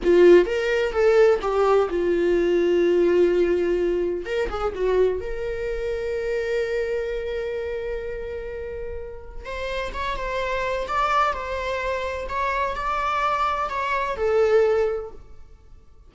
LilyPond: \new Staff \with { instrumentName = "viola" } { \time 4/4 \tempo 4 = 127 f'4 ais'4 a'4 g'4 | f'1~ | f'4 ais'8 gis'8 fis'4 ais'4~ | ais'1~ |
ais'1 | c''4 cis''8 c''4. d''4 | c''2 cis''4 d''4~ | d''4 cis''4 a'2 | }